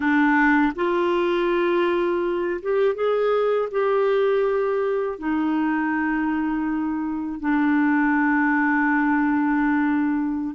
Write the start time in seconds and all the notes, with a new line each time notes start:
0.00 D4
0.75 F4
2.61 G4
2.94 G#4
3.71 G4
5.19 D#4
7.39 D4